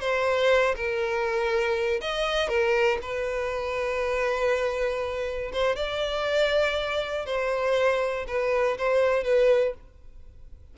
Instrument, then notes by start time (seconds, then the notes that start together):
violin
0.00 C5
0.75 A#4
2.01 D#5
2.48 A#4
3.02 B4
5.53 C5
5.76 D5
7.26 C5
8.28 B4
8.78 C5
9.24 B4